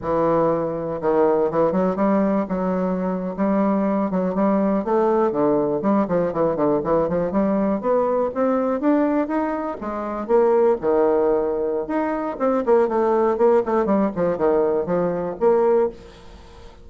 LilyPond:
\new Staff \with { instrumentName = "bassoon" } { \time 4/4 \tempo 4 = 121 e2 dis4 e8 fis8 | g4 fis4.~ fis16 g4~ g16~ | g16 fis8 g4 a4 d4 g16~ | g16 f8 e8 d8 e8 f8 g4 b16~ |
b8. c'4 d'4 dis'4 gis16~ | gis8. ais4 dis2~ dis16 | dis'4 c'8 ais8 a4 ais8 a8 | g8 f8 dis4 f4 ais4 | }